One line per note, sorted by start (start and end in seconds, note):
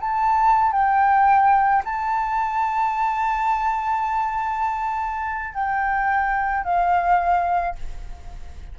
0.00 0.71 A5
0.71 1.82 G5
1.84 5.54 A5
5.54 6.64 G5
6.64 7.75 F5